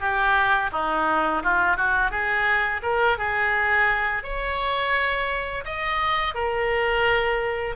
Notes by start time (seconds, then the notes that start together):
0.00 G4
0.72 D#4
1.43 F4
1.77 F#4
2.11 G#4
2.83 A#4
3.18 G#4
4.24 C#5
5.65 D#5
6.35 A#4